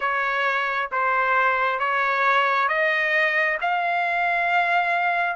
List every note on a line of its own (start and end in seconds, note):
0.00 0.90 C#5
0.91 1.79 C5
1.79 2.68 C#5
2.68 3.57 D#5
3.61 5.36 F5